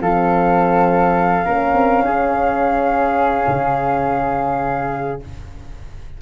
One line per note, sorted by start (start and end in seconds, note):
0.00 1.44 F3
0.00 1.44 C4
0.00 1.45 A4
0.00 5.20 F5
1.44 1.73 A#3
1.44 5.19 C#4
1.44 2.03 A#4
1.73 2.02 C4
2.02 3.46 C#4
2.02 5.22 G#4
3.47 5.20 C#3